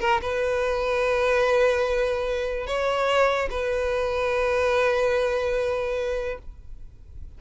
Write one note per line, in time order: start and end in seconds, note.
0.00 0.21 A#4
0.22 2.67 B4
2.67 3.49 C#5
3.51 6.38 B4